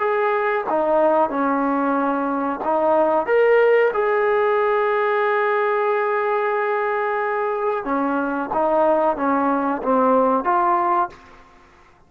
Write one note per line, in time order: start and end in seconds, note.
0.00 0.65 G#4
0.70 1.30 D#4
1.30 2.61 C#4
2.65 3.26 D#4
3.26 3.92 A#4
3.94 7.85 G#4
7.85 8.50 C#4
8.54 9.17 D#4
9.17 9.82 C#4
9.83 10.45 C4
10.45 11.10 F4